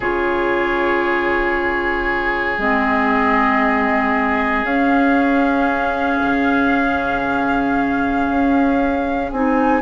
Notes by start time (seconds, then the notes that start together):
0.00 C#3 F4 G#4 C#5
2.57 G#3 C4 D#5
4.63 C#4 F5
6.22 C#3
8.29 C#4
9.31 C4 D#4 G#5